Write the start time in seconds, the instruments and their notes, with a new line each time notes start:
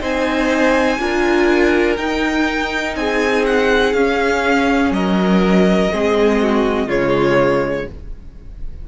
0.00 cello C4, viola D#4, violin C5 G#5
0.99 cello D4, viola F4, violin A#4
1.97 cello D#4, viola D#4, violin G5
2.95 cello C4, violin G#4 G#5
3.46 violin F#5
3.93 cello C#4, viola C#4, violin F5
4.90 cello F#3, violin A#4 D#5
5.91 cello G#3, viola C4, violin G#4
6.41 violin F#4
6.86 cello C#3, viola G#3, violin F4 C#5